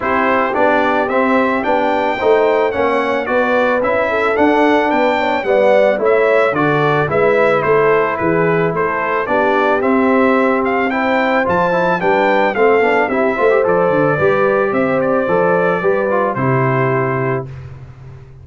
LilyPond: <<
  \new Staff \with { instrumentName = "trumpet" } { \time 4/4 \tempo 4 = 110 c''4 d''4 e''4 g''4~ | g''4 fis''4 d''4 e''4 | fis''4 g''4 fis''4 e''4 | d''4 e''4 c''4 b'4 |
c''4 d''4 e''4. f''8 | g''4 a''4 g''4 f''4 | e''4 d''2 e''8 d''8~ | d''2 c''2 | }
  \new Staff \with { instrumentName = "horn" } { \time 4/4 g'1 | c''4 cis''4 b'4. a'8~ | a'4 b'8 cis''8 d''4 cis''4 | a'4 b'4 a'4 gis'4 |
a'4 g'2. | c''2 b'4 a'4 | g'8 c''4. b'4 c''4~ | c''4 b'4 g'2 | }
  \new Staff \with { instrumentName = "trombone" } { \time 4/4 e'4 d'4 c'4 d'4 | dis'4 cis'4 fis'4 e'4 | d'2 b4 e'4 | fis'4 e'2.~ |
e'4 d'4 c'2 | e'4 f'8 e'8 d'4 c'8 d'8 | e'8 f'16 g'16 a'4 g'2 | a'4 g'8 f'8 e'2 | }
  \new Staff \with { instrumentName = "tuba" } { \time 4/4 c'4 b4 c'4 b4 | a4 ais4 b4 cis'4 | d'4 b4 g4 a4 | d4 gis4 a4 e4 |
a4 b4 c'2~ | c'4 f4 g4 a8 b8 | c'8 a8 f8 d8 g4 c'4 | f4 g4 c2 | }
>>